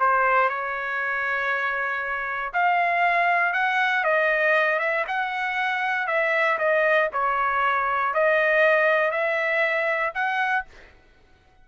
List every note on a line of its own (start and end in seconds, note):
0.00 0.50 C5
0.50 2.53 C#5
2.54 3.53 F5
3.53 4.04 F#5
4.04 4.80 D#5
4.80 5.05 E5
5.08 6.08 F#5
6.08 6.58 E5
6.59 7.10 D#5
7.13 8.14 C#5
8.14 9.12 D#5
9.12 10.13 E5
10.15 10.66 F#5